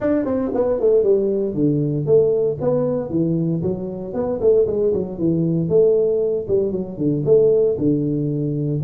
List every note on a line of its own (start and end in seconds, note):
0.00 0.25 D4
0.25 0.51 C4
0.54 0.80 B3
0.80 1.03 A3
1.03 1.54 G3
1.54 2.05 D3
2.05 2.57 A3
2.61 3.10 B3
3.10 3.61 E3
3.62 4.13 F#3
4.13 4.39 B3
4.40 4.66 A3
4.66 4.92 G#3
4.93 5.18 F#3
5.18 5.68 E3
5.68 6.46 A3
6.48 6.71 G3
6.71 6.97 F#3
6.97 7.23 D3
7.25 7.77 A3
7.78 8.81 D3